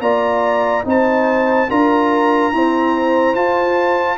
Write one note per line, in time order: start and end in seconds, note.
0.00 0.83 A#3
0.00 0.84 F4
0.00 0.85 D5
0.00 0.84 A#5
0.84 1.69 C4
0.84 1.68 D#4
0.84 1.69 C5
0.84 1.70 A5
1.69 2.52 D4
1.69 2.53 F4
1.69 2.52 A#4
1.69 3.35 A#5
2.52 3.35 C4
2.52 3.35 E4
2.52 4.18 C5
3.35 4.18 F4
3.35 4.18 A5